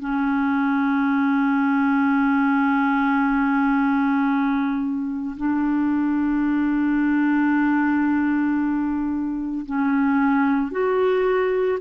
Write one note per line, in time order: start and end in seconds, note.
0.00 5.36 C#4
5.37 9.65 D4
9.66 10.72 C#4
10.72 11.79 F#4